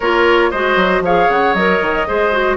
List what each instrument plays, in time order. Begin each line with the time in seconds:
0.00 bassoon A#3, clarinet F4, oboe A#4, flute C#5
0.50 bassoon G#3, clarinet F#4, oboe C5, flute D#5
0.76 bassoon F#3
1.00 bassoon F3, clarinet G#4, oboe C#5, flute F5
1.29 bassoon C#3, flute F#5
1.54 bassoon F#3, clarinet A#4, flute D#5
1.81 bassoon D#3
2.07 bassoon G#3, clarinet G#4, oboe C5
2.31 clarinet F#4